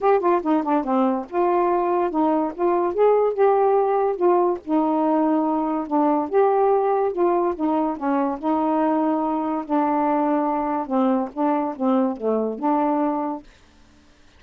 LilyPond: \new Staff \with { instrumentName = "saxophone" } { \time 4/4 \tempo 4 = 143 g'8 f'8 dis'8 d'8 c'4 f'4~ | f'4 dis'4 f'4 gis'4 | g'2 f'4 dis'4~ | dis'2 d'4 g'4~ |
g'4 f'4 dis'4 cis'4 | dis'2. d'4~ | d'2 c'4 d'4 | c'4 a4 d'2 | }